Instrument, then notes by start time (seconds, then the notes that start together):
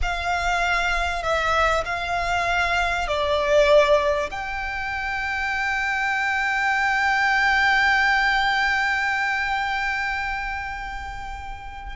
violin
0.01 F5
1.22 E5
1.85 F5
3.07 D5
4.30 G5